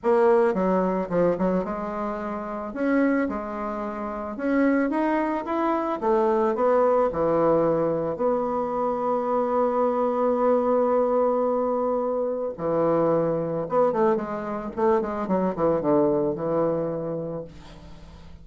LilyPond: \new Staff \with { instrumentName = "bassoon" } { \time 4/4 \tempo 4 = 110 ais4 fis4 f8 fis8 gis4~ | gis4 cis'4 gis2 | cis'4 dis'4 e'4 a4 | b4 e2 b4~ |
b1~ | b2. e4~ | e4 b8 a8 gis4 a8 gis8 | fis8 e8 d4 e2 | }